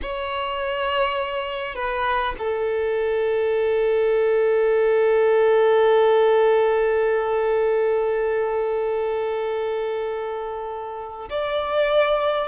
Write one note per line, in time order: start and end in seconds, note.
0.02 1.75 C#5
1.75 2.34 B4
2.38 11.29 A4
11.29 12.47 D5